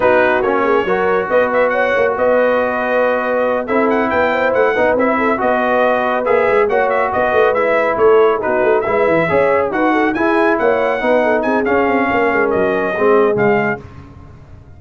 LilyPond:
<<
  \new Staff \with { instrumentName = "trumpet" } { \time 4/4 \tempo 4 = 139 b'4 cis''2 dis''8 e''8 | fis''4 dis''2.~ | dis''8 e''8 fis''8 g''4 fis''4 e''8~ | e''8 dis''2 e''4 fis''8 |
e''8 dis''4 e''4 cis''4 b'8~ | b'8 e''2 fis''4 gis''8~ | gis''8 fis''2 gis''8 f''4~ | f''4 dis''2 f''4 | }
  \new Staff \with { instrumentName = "horn" } { \time 4/4 fis'4. gis'8 ais'4 b'4 | cis''4 b'2.~ | b'8 a'4 b'8 c''4 b'4 | a'8 b'2. cis''8~ |
cis''8 b'2 a'8. gis'16 fis'8~ | fis'8 b'4 cis''4 b'8 a'8 gis'8~ | gis'8 cis''4 b'8 a'8 gis'4. | ais'2 gis'2 | }
  \new Staff \with { instrumentName = "trombone" } { \time 4/4 dis'4 cis'4 fis'2~ | fis'1~ | fis'8 e'2~ e'8 dis'8 e'8~ | e'8 fis'2 gis'4 fis'8~ |
fis'4. e'2 dis'8~ | dis'8 e'4 gis'4 fis'4 e'8~ | e'4. dis'4. cis'4~ | cis'2 c'4 gis4 | }
  \new Staff \with { instrumentName = "tuba" } { \time 4/4 b4 ais4 fis4 b4~ | b8 ais8 b2.~ | b8 c'4 b4 a8 b8 c'8~ | c'8 b2 ais8 gis8 ais8~ |
ais8 b8 a8 gis4 a4 b8 | a8 gis8 e8 cis'4 dis'4 e'8~ | e'8 ais4 b4 c'8 cis'8 c'8 | ais8 gis8 fis4 gis4 cis4 | }
>>